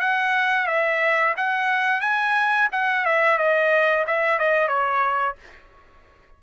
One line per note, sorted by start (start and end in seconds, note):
0.00 0.67 F#5
0.67 1.35 E5
1.37 2.01 F#5
2.01 2.68 G#5
2.72 3.06 F#5
3.06 3.38 E5
3.38 4.05 D#5
4.07 4.39 E5
4.39 4.68 D#5
4.68 5.36 C#5